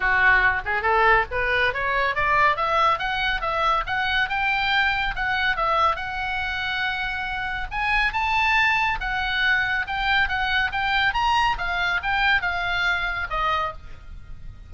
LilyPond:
\new Staff \with { instrumentName = "oboe" } { \time 4/4 \tempo 4 = 140 fis'4. gis'8 a'4 b'4 | cis''4 d''4 e''4 fis''4 | e''4 fis''4 g''2 | fis''4 e''4 fis''2~ |
fis''2 gis''4 a''4~ | a''4 fis''2 g''4 | fis''4 g''4 ais''4 f''4 | g''4 f''2 dis''4 | }